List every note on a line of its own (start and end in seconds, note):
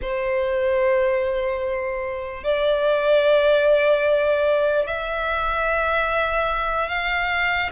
0.01 2.43 C5
2.43 4.86 D5
4.86 6.88 E5
6.88 7.70 F5